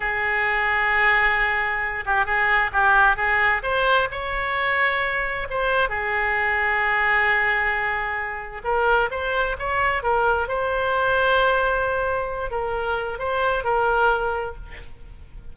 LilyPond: \new Staff \with { instrumentName = "oboe" } { \time 4/4 \tempo 4 = 132 gis'1~ | gis'8 g'8 gis'4 g'4 gis'4 | c''4 cis''2. | c''4 gis'2.~ |
gis'2. ais'4 | c''4 cis''4 ais'4 c''4~ | c''2.~ c''8 ais'8~ | ais'4 c''4 ais'2 | }